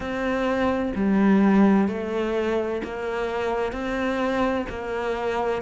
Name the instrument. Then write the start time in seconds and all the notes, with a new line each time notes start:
cello
0.00 C4
0.95 G3
1.87 A3
2.83 A#3
3.72 C4
4.69 A#3